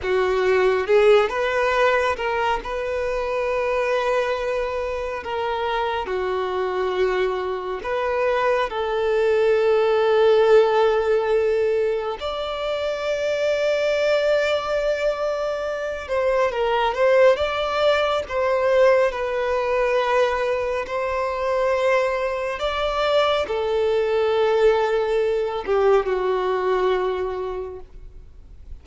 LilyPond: \new Staff \with { instrumentName = "violin" } { \time 4/4 \tempo 4 = 69 fis'4 gis'8 b'4 ais'8 b'4~ | b'2 ais'4 fis'4~ | fis'4 b'4 a'2~ | a'2 d''2~ |
d''2~ d''8 c''8 ais'8 c''8 | d''4 c''4 b'2 | c''2 d''4 a'4~ | a'4. g'8 fis'2 | }